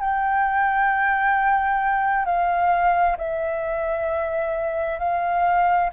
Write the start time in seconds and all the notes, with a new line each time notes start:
0.00 G5
2.26 F5
3.17 E5
4.99 F5